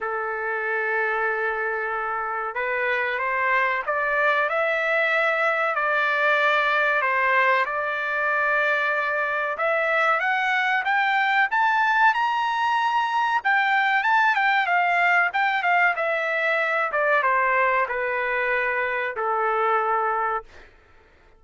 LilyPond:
\new Staff \with { instrumentName = "trumpet" } { \time 4/4 \tempo 4 = 94 a'1 | b'4 c''4 d''4 e''4~ | e''4 d''2 c''4 | d''2. e''4 |
fis''4 g''4 a''4 ais''4~ | ais''4 g''4 a''8 g''8 f''4 | g''8 f''8 e''4. d''8 c''4 | b'2 a'2 | }